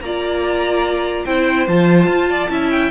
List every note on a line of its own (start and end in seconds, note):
0.00 1.25 A#3
0.00 1.27 F4
0.00 1.26 D5
0.00 1.25 A#5
1.25 1.68 C4
1.25 1.68 E4
1.25 2.29 C5
1.25 1.67 G5
1.68 2.07 F3
1.68 2.50 F4
1.68 2.70 A5
2.07 2.49 F4
2.29 2.50 D5
2.50 2.91 C#4
2.50 2.91 E4
2.50 2.91 E5
2.70 2.91 G5